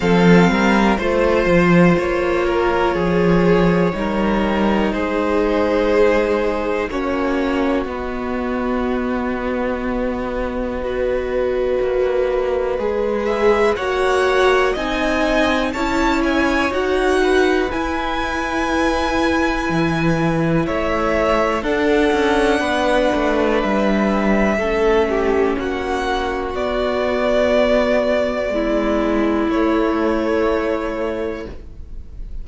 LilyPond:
<<
  \new Staff \with { instrumentName = "violin" } { \time 4/4 \tempo 4 = 61 f''4 c''4 cis''2~ | cis''4 c''2 cis''4 | dis''1~ | dis''4. e''8 fis''4 gis''4 |
a''8 gis''8 fis''4 gis''2~ | gis''4 e''4 fis''2 | e''2 fis''4 d''4~ | d''2 cis''2 | }
  \new Staff \with { instrumentName = "violin" } { \time 4/4 a'8 ais'8 c''4. ais'8 gis'4 | ais'4 gis'2 fis'4~ | fis'2. b'4~ | b'2 cis''4 dis''4 |
cis''4. b'2~ b'8~ | b'4 cis''4 a'4 b'4~ | b'4 a'8 g'8 fis'2~ | fis'4 e'2. | }
  \new Staff \with { instrumentName = "viola" } { \time 4/4 c'4 f'2. | dis'2. cis'4 | b2. fis'4~ | fis'4 gis'4 fis'4 dis'4 |
e'4 fis'4 e'2~ | e'2 d'2~ | d'4 cis'2 b4~ | b2 a2 | }
  \new Staff \with { instrumentName = "cello" } { \time 4/4 f8 g8 a8 f8 ais4 f4 | g4 gis2 ais4 | b1 | ais4 gis4 ais4 c'4 |
cis'4 dis'4 e'2 | e4 a4 d'8 cis'8 b8 a8 | g4 a4 ais4 b4~ | b4 gis4 a2 | }
>>